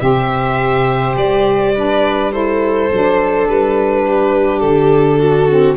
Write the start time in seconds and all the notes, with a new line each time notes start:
0.00 C3 G4 C5 E5
1.16 G3 D5
1.75 D4 B4
2.32 E4 A4 C5
2.92 F#3 D4
3.48 G3 B4
4.07 G4
4.60 D3 A4
5.19 F#4
5.49 C4